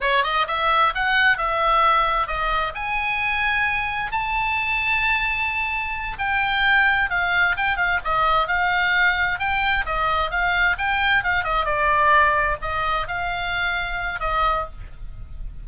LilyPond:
\new Staff \with { instrumentName = "oboe" } { \time 4/4 \tempo 4 = 131 cis''8 dis''8 e''4 fis''4 e''4~ | e''4 dis''4 gis''2~ | gis''4 a''2.~ | a''4. g''2 f''8~ |
f''8 g''8 f''8 dis''4 f''4.~ | f''8 g''4 dis''4 f''4 g''8~ | g''8 f''8 dis''8 d''2 dis''8~ | dis''8 f''2~ f''8 dis''4 | }